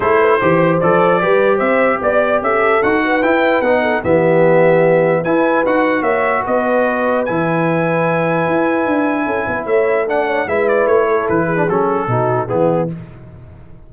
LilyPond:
<<
  \new Staff \with { instrumentName = "trumpet" } { \time 4/4 \tempo 4 = 149 c''2 d''2 | e''4 d''4 e''4 fis''4 | g''4 fis''4 e''2~ | e''4 gis''4 fis''4 e''4 |
dis''2 gis''2~ | gis''1 | e''4 fis''4 e''8 d''8 cis''4 | b'4 a'2 gis'4 | }
  \new Staff \with { instrumentName = "horn" } { \time 4/4 a'8 b'8 c''2 b'4 | c''4 d''4 a'4. b'8~ | b'4. a'8 g'2~ | g'4 b'2 cis''4 |
b'1~ | b'2. a'8 b'8 | cis''4 d''8 cis''8 b'4. a'8~ | a'8 gis'4. fis'4 e'4 | }
  \new Staff \with { instrumentName = "trombone" } { \time 4/4 e'4 g'4 a'4 g'4~ | g'2. fis'4 | e'4 dis'4 b2~ | b4 e'4 fis'2~ |
fis'2 e'2~ | e'1~ | e'4 d'4 e'2~ | e'8. d'16 cis'4 dis'4 b4 | }
  \new Staff \with { instrumentName = "tuba" } { \time 4/4 a4 e4 f4 g4 | c'4 b4 cis'4 dis'4 | e'4 b4 e2~ | e4 e'4 dis'4 ais4 |
b2 e2~ | e4 e'4 d'4 cis'8 b8 | a2 gis4 a4 | e4 fis4 b,4 e4 | }
>>